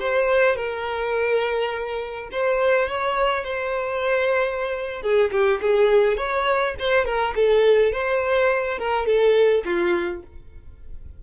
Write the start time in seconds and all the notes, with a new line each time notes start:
0.00 C5
0.56 A#4
2.31 C5
2.89 C#5
3.44 C5
5.02 G#4
5.32 G4
5.61 G#4
6.17 C#5
6.79 C5
7.05 A#4
7.35 A4
7.92 C5
8.78 A#4
9.06 A4
9.65 F4